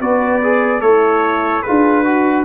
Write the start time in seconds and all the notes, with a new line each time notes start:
0.00 B3 F#4 B4 D5
0.42 G#4
0.81 A3 E4 A4 C#5
1.62 F4 G#4 B4
1.69 D4
2.04 F#4